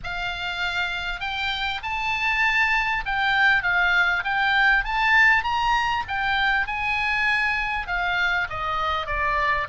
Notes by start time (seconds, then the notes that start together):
0.03 F5
1.20 G5
1.82 A5
3.05 G5
3.63 F5
4.23 G5
4.84 A5
5.43 A#5
6.08 G5
6.66 G#5
7.87 F5
8.49 D#5
9.06 D5